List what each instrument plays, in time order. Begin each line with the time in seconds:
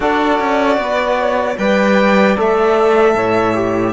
0.00 cello D4, trombone F#4, saxophone A4, violin D5
0.39 cello C#4
0.77 cello B3, saxophone B4
1.19 saxophone C#5
1.57 cello G3, trombone B4, saxophone D5, violin G5
2.36 cello A3, trombone A4, violin E5
3.14 cello A2, saxophone C#5
3.54 trombone G4